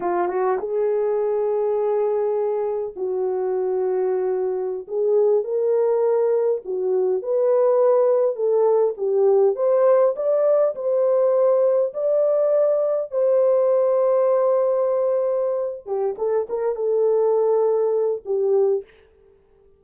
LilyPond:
\new Staff \with { instrumentName = "horn" } { \time 4/4 \tempo 4 = 102 f'8 fis'8 gis'2.~ | gis'4 fis'2.~ | fis'16 gis'4 ais'2 fis'8.~ | fis'16 b'2 a'4 g'8.~ |
g'16 c''4 d''4 c''4.~ c''16~ | c''16 d''2 c''4.~ c''16~ | c''2. g'8 a'8 | ais'8 a'2~ a'8 g'4 | }